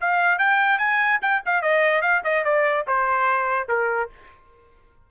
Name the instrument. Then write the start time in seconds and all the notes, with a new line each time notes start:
trumpet
0.00 F5
0.38 G5
0.78 G#5
1.21 G5
1.45 F5
1.62 D#5
2.01 F5
2.24 D#5
2.44 D5
2.87 C5
3.68 A#4